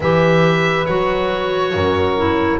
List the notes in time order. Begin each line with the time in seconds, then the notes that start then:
0.00 E3 G4 B4 E5
0.85 F#3 F#4 C#5
1.73 F#2 A#4
2.18 E4